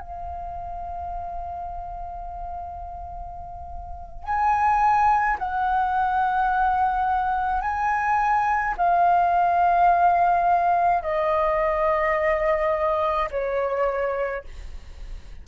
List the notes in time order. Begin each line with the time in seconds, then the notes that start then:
0.00 F5
4.25 G#5
5.39 F#5
7.62 G#5
8.78 F5
11.03 D#5
13.31 C#5